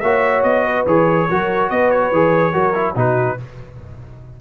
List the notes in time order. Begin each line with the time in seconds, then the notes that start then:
0.00 A#3 F#4 C#5 E5
0.43 B3 D#5
0.65 B4
0.86 E3 G#4 C#5
1.30 F#3 F#4 A#4
1.69 B3 B4 D#5
1.90 C#5
2.11 E3 G#4
2.52 F#3 F#4 A#4
2.74 E4
2.95 B2 D#4 F#4 B4